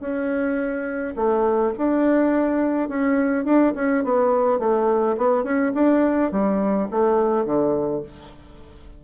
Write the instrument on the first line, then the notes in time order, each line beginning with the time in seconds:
bassoon
0.00 C#4
1.16 A3
1.78 D4
2.89 C#4
3.45 D4
3.75 C#4
4.04 B3
4.59 A3
5.17 B3
5.44 C#4
5.75 D4
6.32 G3
6.91 A3
7.45 D3